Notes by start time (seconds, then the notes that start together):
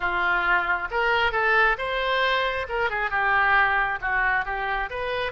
0.00 F4
0.91 A#4
1.32 A4
1.78 C5
2.68 A#4
2.90 G#4
3.10 G4
4.01 F#4
4.45 G4
4.90 B4